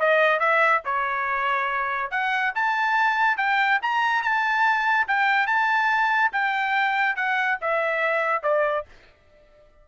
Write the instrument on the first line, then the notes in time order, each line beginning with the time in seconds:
trumpet
0.00 D#5
0.40 E5
0.85 C#5
2.11 F#5
2.55 A5
3.37 G5
3.82 A#5
4.23 A5
5.08 G5
5.47 A5
6.32 G5
7.16 F#5
7.61 E5
8.43 D5